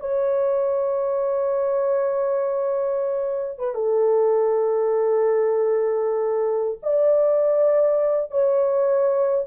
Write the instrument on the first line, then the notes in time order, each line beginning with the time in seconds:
horn
0.00 C#5
3.59 B4
3.75 A4
6.83 D5
8.31 C#5